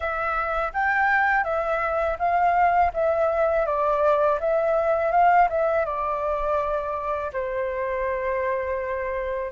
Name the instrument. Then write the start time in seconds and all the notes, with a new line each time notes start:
flute
0.00 E5
0.73 G5
1.43 E5
2.19 F5
2.93 E5
3.66 D5
4.39 E5
5.11 F5
5.49 E5
5.85 D5
7.32 C5